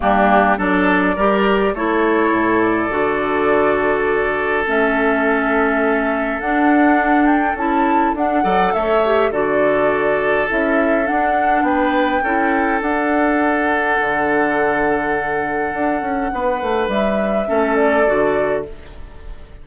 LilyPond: <<
  \new Staff \with { instrumentName = "flute" } { \time 4/4 \tempo 4 = 103 g'4 d''2 cis''4~ | cis''8 d''2.~ d''8 | e''2. fis''4~ | fis''8 g''8 a''4 fis''4 e''4 |
d''2 e''4 fis''4 | g''2 fis''2~ | fis''1~ | fis''4 e''4. d''4. | }
  \new Staff \with { instrumentName = "oboe" } { \time 4/4 d'4 a'4 ais'4 a'4~ | a'1~ | a'1~ | a'2~ a'8 d''8 cis''4 |
a'1 | b'4 a'2.~ | a'1 | b'2 a'2 | }
  \new Staff \with { instrumentName = "clarinet" } { \time 4/4 ais4 d'4 g'4 e'4~ | e'4 fis'2. | cis'2. d'4~ | d'4 e'4 d'8 a'4 g'8 |
fis'2 e'4 d'4~ | d'4 e'4 d'2~ | d'1~ | d'2 cis'4 fis'4 | }
  \new Staff \with { instrumentName = "bassoon" } { \time 4/4 g4 fis4 g4 a4 | a,4 d2. | a2. d'4~ | d'4 cis'4 d'8 fis8 a4 |
d2 cis'4 d'4 | b4 cis'4 d'2 | d2. d'8 cis'8 | b8 a8 g4 a4 d4 | }
>>